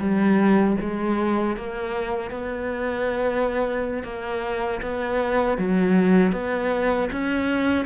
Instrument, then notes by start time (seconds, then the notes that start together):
cello
0.00 G3
0.81 G#3
1.57 A#3
2.31 B3
4.04 A#3
4.83 B3
5.58 F#3
6.33 B3
7.12 C#4